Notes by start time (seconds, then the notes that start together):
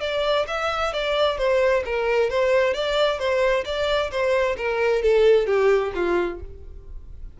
0.00 D5
0.47 E5
0.93 D5
1.38 C5
1.85 A#4
2.29 C5
2.73 D5
3.18 C5
3.65 D5
4.11 C5
4.57 A#4
5.02 A4
5.46 G4
5.94 F4